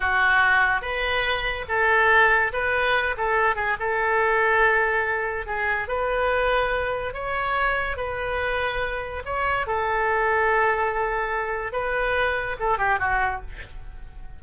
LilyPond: \new Staff \with { instrumentName = "oboe" } { \time 4/4 \tempo 4 = 143 fis'2 b'2 | a'2 b'4. a'8~ | a'8 gis'8 a'2.~ | a'4 gis'4 b'2~ |
b'4 cis''2 b'4~ | b'2 cis''4 a'4~ | a'1 | b'2 a'8 g'8 fis'4 | }